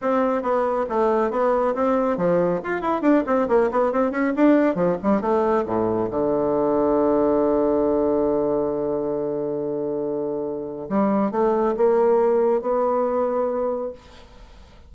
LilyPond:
\new Staff \with { instrumentName = "bassoon" } { \time 4/4 \tempo 4 = 138 c'4 b4 a4 b4 | c'4 f4 f'8 e'8 d'8 c'8 | ais8 b8 c'8 cis'8 d'4 f8 g8 | a4 a,4 d2~ |
d1~ | d1~ | d4 g4 a4 ais4~ | ais4 b2. | }